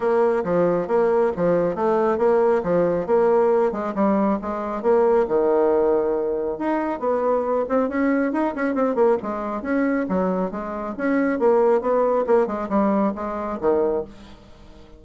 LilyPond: \new Staff \with { instrumentName = "bassoon" } { \time 4/4 \tempo 4 = 137 ais4 f4 ais4 f4 | a4 ais4 f4 ais4~ | ais8 gis8 g4 gis4 ais4 | dis2. dis'4 |
b4. c'8 cis'4 dis'8 cis'8 | c'8 ais8 gis4 cis'4 fis4 | gis4 cis'4 ais4 b4 | ais8 gis8 g4 gis4 dis4 | }